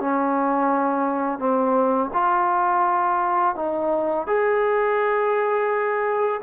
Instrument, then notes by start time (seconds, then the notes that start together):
trombone
0.00 C#4
1.39 C4
2.13 F4
3.55 D#4
4.27 G#4